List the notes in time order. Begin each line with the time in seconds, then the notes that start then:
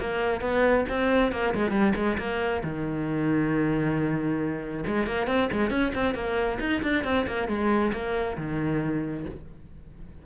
0.00 A#3
0.41 B3
0.89 C4
1.32 A#3
1.55 G#3
1.71 G3
1.95 G#3
2.18 A#3
2.64 D#3
4.87 G#3
5.07 A#3
5.27 C4
5.52 G#3
5.70 C#4
5.95 C4
6.15 A#3
6.60 D#4
6.83 D4
7.04 C4
7.27 A#3
7.48 G#3
7.93 A#3
8.37 D#3